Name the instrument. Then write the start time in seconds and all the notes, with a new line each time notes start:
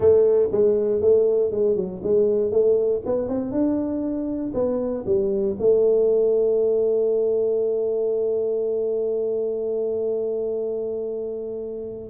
tuba
0.00 A3
0.51 G#3
1.01 A3
1.51 G#3
1.76 F#3
2.03 G#3
2.51 A3
3.05 B3
3.28 C4
3.51 D4
4.54 B3
5.06 G3
5.59 A3